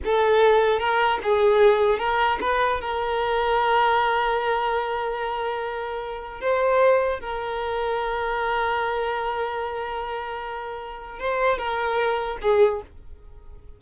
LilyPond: \new Staff \with { instrumentName = "violin" } { \time 4/4 \tempo 4 = 150 a'2 ais'4 gis'4~ | gis'4 ais'4 b'4 ais'4~ | ais'1~ | ais'1 |
c''2 ais'2~ | ais'1~ | ais'1 | c''4 ais'2 gis'4 | }